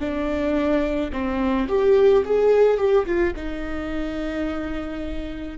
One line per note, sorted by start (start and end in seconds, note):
0.00 1.11 D4
1.12 1.68 C4
1.68 2.24 G4
2.25 2.77 G#4
2.77 3.05 G4
3.06 3.33 F4
3.35 5.58 D#4